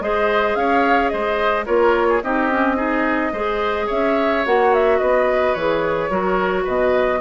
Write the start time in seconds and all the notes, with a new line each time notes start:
0.00 G#3 G#4 C5 D#5
0.56 C#4 C#5 F5
1.09 G#3 C5 D#5
1.66 A#3 F4 A#4 C#5
2.09 G#4
2.23 C4 D#4 G4 D#5
2.50 C#4
2.76 D#4 G#4
3.33 G#3 G#4 C5
3.86 C#4 C#5 E5
4.46 A#3 F#4 F#5
4.74 E5
4.99 B3 B4 D#5
5.54 E3 G#4 C#5
6.10 F#3 F#4 A#4
6.64 B2 B4 D#5